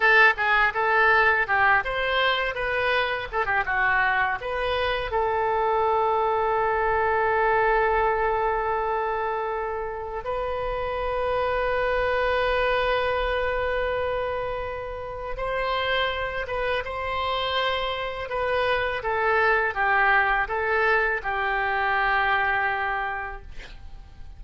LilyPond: \new Staff \with { instrumentName = "oboe" } { \time 4/4 \tempo 4 = 82 a'8 gis'8 a'4 g'8 c''4 b'8~ | b'8 a'16 g'16 fis'4 b'4 a'4~ | a'1~ | a'2 b'2~ |
b'1~ | b'4 c''4. b'8 c''4~ | c''4 b'4 a'4 g'4 | a'4 g'2. | }